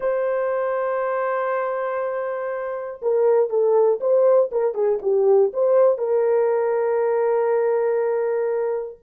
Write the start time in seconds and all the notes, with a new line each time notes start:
0.00 C5
3.02 A#4
3.49 A4
4.00 C5
4.51 A#4
4.74 G#4
5.02 G4
5.53 C5
5.97 A#4